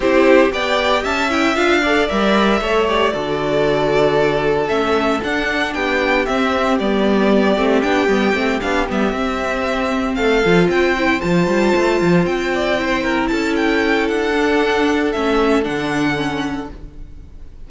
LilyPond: <<
  \new Staff \with { instrumentName = "violin" } { \time 4/4 \tempo 4 = 115 c''4 g''4 a''8 g''8 f''4 | e''4. d''2~ d''8~ | d''4 e''4 fis''4 g''4 | e''4 d''2 g''4~ |
g''8 f''8 e''2~ e''8 f''8~ | f''8 g''4 a''2 g''8~ | g''4. a''8 g''4 fis''4~ | fis''4 e''4 fis''2 | }
  \new Staff \with { instrumentName = "violin" } { \time 4/4 g'4 d''4 e''4. d''8~ | d''4 cis''4 a'2~ | a'2. g'4~ | g'1~ |
g'2.~ g'8 a'8~ | a'8 c''2.~ c''8 | d''8 c''8 ais'8 a'2~ a'8~ | a'1 | }
  \new Staff \with { instrumentName = "viola" } { \time 4/4 e'4 g'4. e'8 f'8 a'8 | ais'4 a'8 g'8 fis'2~ | fis'4 cis'4 d'2 | c'4 b4. c'8 d'8 b8 |
c'8 d'8 b8 c'2~ c'8 | f'4 e'8 f'2~ f'8~ | f'8 e'2. d'8~ | d'4 cis'4 d'4 cis'4 | }
  \new Staff \with { instrumentName = "cello" } { \time 4/4 c'4 b4 cis'4 d'4 | g4 a4 d2~ | d4 a4 d'4 b4 | c'4 g4. a8 b8 g8 |
a8 b8 g8 c'2 a8 | f8 c'4 f8 g8 a8 f8 c'8~ | c'4. cis'4. d'4~ | d'4 a4 d2 | }
>>